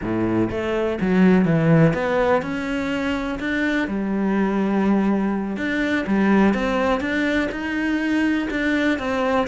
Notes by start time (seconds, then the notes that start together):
0.01 A2
0.50 A3
1.00 F#3
1.45 E3
1.93 B3
2.42 C#4
3.39 D4
3.87 G3
5.56 D4
6.06 G3
6.54 C4
7.00 D4
7.51 D#4
8.50 D4
8.98 C4